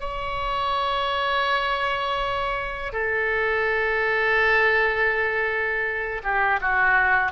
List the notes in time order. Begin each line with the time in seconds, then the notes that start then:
0.00 C#5
2.93 A4
6.23 G4
6.61 F#4